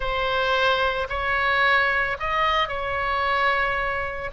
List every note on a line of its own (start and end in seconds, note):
0.00 1.07 C5
1.09 2.17 C#5
2.19 2.68 D#5
2.68 4.30 C#5